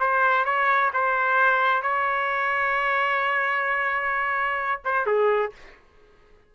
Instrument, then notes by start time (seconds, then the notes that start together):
trumpet
0.00 C5
0.45 C#5
0.93 C5
1.82 C#5
4.84 C5
5.06 G#4